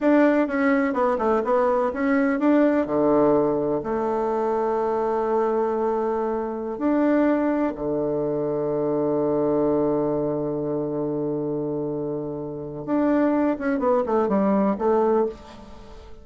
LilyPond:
\new Staff \with { instrumentName = "bassoon" } { \time 4/4 \tempo 4 = 126 d'4 cis'4 b8 a8 b4 | cis'4 d'4 d2 | a1~ | a2~ a16 d'4.~ d'16~ |
d'16 d2.~ d8.~ | d1~ | d2. d'4~ | d'8 cis'8 b8 a8 g4 a4 | }